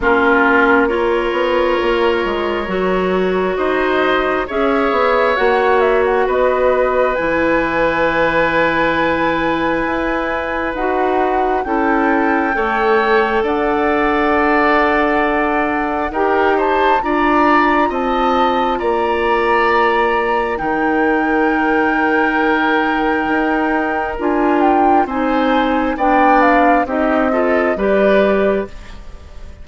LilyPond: <<
  \new Staff \with { instrumentName = "flute" } { \time 4/4 \tempo 4 = 67 ais'4 cis''2. | dis''4 e''4 fis''8 e''16 fis''16 dis''4 | gis''1 | fis''4 g''2 fis''4~ |
fis''2 g''8 a''8 ais''4 | a''4 ais''2 g''4~ | g''2. gis''8 g''8 | gis''4 g''8 f''8 dis''4 d''4 | }
  \new Staff \with { instrumentName = "oboe" } { \time 4/4 f'4 ais'2. | c''4 cis''2 b'4~ | b'1~ | b'4 a'4 cis''4 d''4~ |
d''2 ais'8 c''8 d''4 | dis''4 d''2 ais'4~ | ais'1 | c''4 d''4 g'8 a'8 b'4 | }
  \new Staff \with { instrumentName = "clarinet" } { \time 4/4 cis'4 f'2 fis'4~ | fis'4 gis'4 fis'2 | e'1 | fis'4 e'4 a'2~ |
a'2 g'4 f'4~ | f'2. dis'4~ | dis'2. f'4 | dis'4 d'4 dis'8 f'8 g'4 | }
  \new Staff \with { instrumentName = "bassoon" } { \time 4/4 ais4. b8 ais8 gis8 fis4 | dis'4 cis'8 b8 ais4 b4 | e2. e'4 | dis'4 cis'4 a4 d'4~ |
d'2 dis'4 d'4 | c'4 ais2 dis4~ | dis2 dis'4 d'4 | c'4 b4 c'4 g4 | }
>>